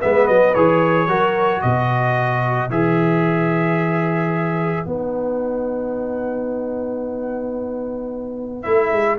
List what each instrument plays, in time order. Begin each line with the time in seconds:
0.00 tuba G#3, trombone B3, horn B4, trumpet E5
0.27 tuba F#3, trumpet D#5
0.55 tuba E3, trombone G#4, trumpet C#5
1.08 tuba F#3, trombone F#4, horn A#4
1.62 tuba B2, horn B4, trumpet D#5
2.70 tuba E3, trombone G#4, trumpet E5
4.85 tuba B3, trombone D#4, trumpet F#5
8.62 tuba A3, trombone E4, trumpet E5
8.92 tuba G#3